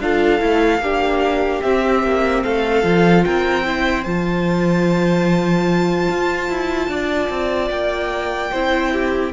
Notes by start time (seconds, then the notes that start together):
0.00 D4 F4 A4 F5
0.39 A3 E4
0.79 A#3 D4 G4
1.62 C4 E5
2.03 A#3
2.43 A3 A4 F5
2.83 F3 F4
3.24 C4 A#4 G5
3.65 E4 C5
4.04 F3 F4 A5
6.10 F4
6.49 E4
6.88 D4 D5
7.30 C4
7.70 A#3 G5
8.52 C4 E4 C5
8.92 G4